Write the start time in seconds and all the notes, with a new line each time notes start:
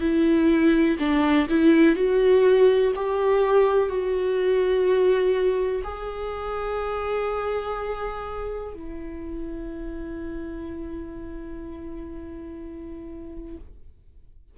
0.00 E4
0.99 D4
1.50 E4
1.96 F#4
2.96 G4
3.89 F#4
5.83 G#4
8.73 E4